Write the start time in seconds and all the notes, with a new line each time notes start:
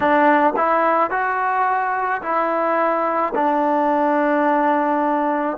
0.00 D4
0.56 E4
1.10 F#4
2.22 E4
3.34 D4